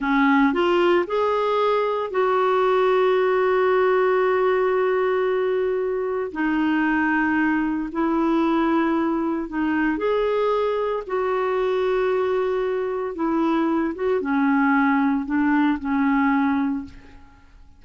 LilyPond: \new Staff \with { instrumentName = "clarinet" } { \time 4/4 \tempo 4 = 114 cis'4 f'4 gis'2 | fis'1~ | fis'1 | dis'2. e'4~ |
e'2 dis'4 gis'4~ | gis'4 fis'2.~ | fis'4 e'4. fis'8 cis'4~ | cis'4 d'4 cis'2 | }